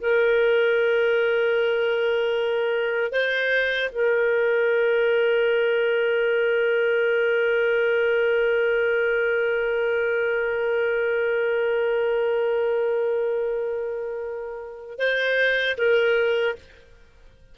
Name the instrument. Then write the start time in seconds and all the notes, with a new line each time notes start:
clarinet
0.00 A#4
3.12 C5
3.92 A#4
14.99 C5
15.78 A#4